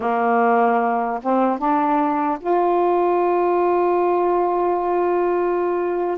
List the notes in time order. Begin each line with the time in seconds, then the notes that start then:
0.00 A#3
1.22 C4
1.58 D4
2.40 F4